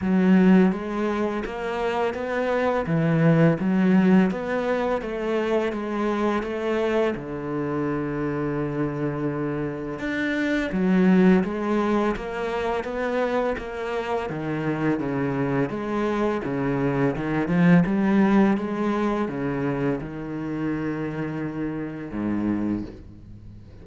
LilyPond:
\new Staff \with { instrumentName = "cello" } { \time 4/4 \tempo 4 = 84 fis4 gis4 ais4 b4 | e4 fis4 b4 a4 | gis4 a4 d2~ | d2 d'4 fis4 |
gis4 ais4 b4 ais4 | dis4 cis4 gis4 cis4 | dis8 f8 g4 gis4 cis4 | dis2. gis,4 | }